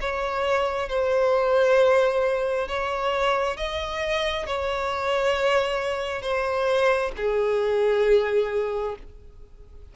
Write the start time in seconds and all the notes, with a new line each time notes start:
0.00 C#5
0.89 C5
2.68 C#5
3.57 D#5
4.46 C#5
6.22 C5
7.16 G#4